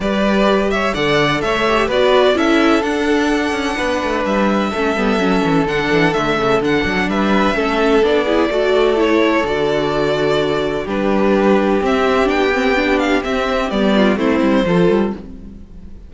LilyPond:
<<
  \new Staff \with { instrumentName = "violin" } { \time 4/4 \tempo 4 = 127 d''4. e''8 fis''4 e''4 | d''4 e''4 fis''2~ | fis''4 e''2. | fis''4 e''4 fis''4 e''4~ |
e''4 d''2 cis''4 | d''2. b'4~ | b'4 e''4 g''4. f''8 | e''4 d''4 c''2 | }
  \new Staff \with { instrumentName = "violin" } { \time 4/4 b'4. cis''8 d''4 cis''4 | b'4 a'2. | b'2 a'2~ | a'2. b'4 |
a'4. gis'8 a'2~ | a'2. g'4~ | g'1~ | g'4. f'8 e'4 a'4 | }
  \new Staff \with { instrumentName = "viola" } { \time 4/4 g'2 a'4. g'8 | fis'4 e'4 d'2~ | d'2 cis'8 b8 cis'4 | d'4 a4 d'2 |
cis'4 d'8 e'8 fis'4 e'4 | fis'2. d'4~ | d'4 c'4 d'8 c'8 d'4 | c'4 b4 c'4 f'4 | }
  \new Staff \with { instrumentName = "cello" } { \time 4/4 g2 d4 a4 | b4 cis'4 d'4. cis'8 | b8 a8 g4 a8 g8 fis8 e8 | d8 e8 d8 cis8 d8 fis8 g4 |
a4 b4 a2 | d2. g4~ | g4 c'4 b2 | c'4 g4 a8 g8 f8 g8 | }
>>